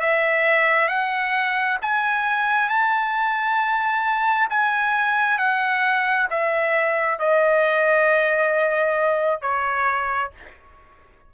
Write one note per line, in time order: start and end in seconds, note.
0.00 0.88 E5
0.88 1.77 F#5
1.81 2.69 G#5
2.69 4.48 A5
4.49 5.38 G#5
5.38 6.27 F#5
6.30 7.18 E5
7.18 9.41 D#5
9.41 10.31 C#5